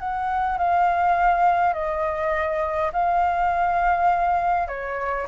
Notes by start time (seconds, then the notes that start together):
0.00 F#5
0.58 F5
1.74 D#5
2.93 F5
4.68 C#5